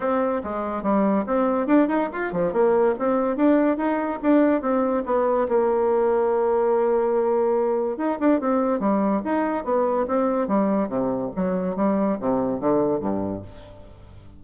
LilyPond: \new Staff \with { instrumentName = "bassoon" } { \time 4/4 \tempo 4 = 143 c'4 gis4 g4 c'4 | d'8 dis'8 f'8 f8 ais4 c'4 | d'4 dis'4 d'4 c'4 | b4 ais2.~ |
ais2. dis'8 d'8 | c'4 g4 dis'4 b4 | c'4 g4 c4 fis4 | g4 c4 d4 g,4 | }